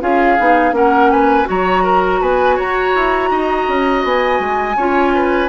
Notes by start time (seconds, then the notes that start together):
0.00 C#4 F4 G#4 F5
0.38 B3 D#4
0.71 A#3 C#4 A#4 F#5
1.10 B4 G#5
1.45 F#3 F#4 C#5 A#5
1.83 A#4
2.20 B3 B4 G#5
2.55 F#4 C#5 A#5
2.95 E4
3.30 D#4 D#5
3.67 C#4
4.03 B3 G#5
4.39 G#3
4.76 C#4 F4 C#5
5.14 B4